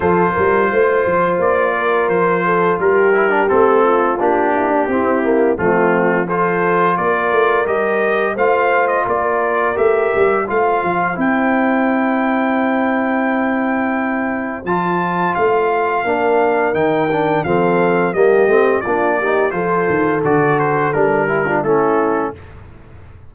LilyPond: <<
  \new Staff \with { instrumentName = "trumpet" } { \time 4/4 \tempo 4 = 86 c''2 d''4 c''4 | ais'4 a'4 g'2 | f'4 c''4 d''4 dis''4 | f''8. dis''16 d''4 e''4 f''4 |
g''1~ | g''4 a''4 f''2 | g''4 f''4 dis''4 d''4 | c''4 d''8 c''8 ais'4 a'4 | }
  \new Staff \with { instrumentName = "horn" } { \time 4/4 a'8 ais'8 c''4. ais'4 a'8 | g'4. f'4 e'16 d'16 e'4 | c'4 a'4 ais'2 | c''4 ais'2 c''4~ |
c''1~ | c''2. ais'4~ | ais'4 a'4 g'4 f'8 g'8 | a'2~ a'8 g'16 f'16 e'4 | }
  \new Staff \with { instrumentName = "trombone" } { \time 4/4 f'1~ | f'8 e'16 d'16 c'4 d'4 c'8 ais8 | a4 f'2 g'4 | f'2 g'4 f'4 |
e'1~ | e'4 f'2 d'4 | dis'8 d'8 c'4 ais8 c'8 d'8 dis'8 | f'4 fis'4 d'8 e'16 d'16 cis'4 | }
  \new Staff \with { instrumentName = "tuba" } { \time 4/4 f8 g8 a8 f8 ais4 f4 | g4 a4 ais4 c'4 | f2 ais8 a8 g4 | a4 ais4 a8 g8 a8 f8 |
c'1~ | c'4 f4 a4 ais4 | dis4 f4 g8 a8 ais4 | f8 dis8 d4 g4 a4 | }
>>